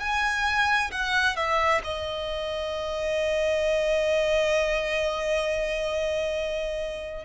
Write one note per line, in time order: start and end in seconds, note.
0.00 0.91 G#5
0.91 1.36 F#5
1.36 1.82 E5
1.84 7.25 D#5